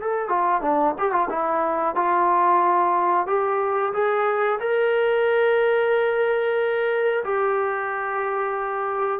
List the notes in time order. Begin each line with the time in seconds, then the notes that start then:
0.00 A4
0.28 F4
0.61 D4
0.98 G4
1.11 F4
1.29 E4
1.95 F4
3.26 G4
3.93 G#4
4.59 A#4
7.24 G4